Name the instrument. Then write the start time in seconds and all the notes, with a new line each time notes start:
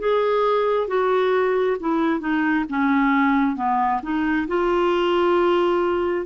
clarinet
0.00 G#4
0.88 F#4
1.80 E4
2.21 D#4
2.69 C#4
3.57 B3
4.03 D#4
4.48 F4